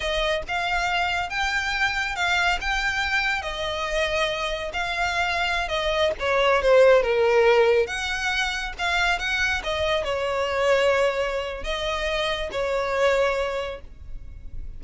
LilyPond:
\new Staff \with { instrumentName = "violin" } { \time 4/4 \tempo 4 = 139 dis''4 f''2 g''4~ | g''4 f''4 g''2 | dis''2. f''4~ | f''4~ f''16 dis''4 cis''4 c''8.~ |
c''16 ais'2 fis''4.~ fis''16~ | fis''16 f''4 fis''4 dis''4 cis''8.~ | cis''2. dis''4~ | dis''4 cis''2. | }